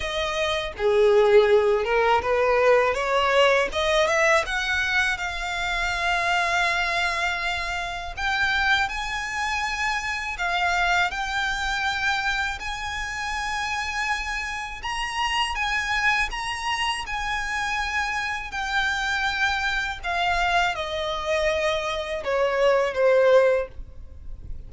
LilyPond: \new Staff \with { instrumentName = "violin" } { \time 4/4 \tempo 4 = 81 dis''4 gis'4. ais'8 b'4 | cis''4 dis''8 e''8 fis''4 f''4~ | f''2. g''4 | gis''2 f''4 g''4~ |
g''4 gis''2. | ais''4 gis''4 ais''4 gis''4~ | gis''4 g''2 f''4 | dis''2 cis''4 c''4 | }